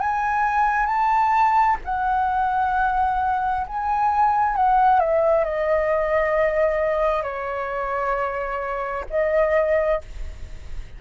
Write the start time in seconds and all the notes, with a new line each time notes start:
0.00 G#5
0.86 A5
1.85 F#5
3.67 G#5
4.56 F#5
5.00 E5
5.45 D#5
7.23 C#5
9.10 D#5